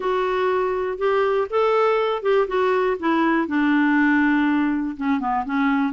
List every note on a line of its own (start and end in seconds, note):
0.00 0.97 F#4
0.98 1.47 G4
1.49 2.22 A4
2.22 2.47 G4
2.47 2.97 F#4
2.99 3.47 E4
3.47 4.96 D4
4.97 5.20 C#4
5.20 5.44 B3
5.45 5.93 C#4